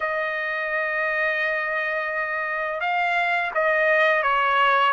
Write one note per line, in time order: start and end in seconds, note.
0.00 2.80 D#5
2.80 3.51 F5
3.54 4.22 D#5
4.22 4.93 C#5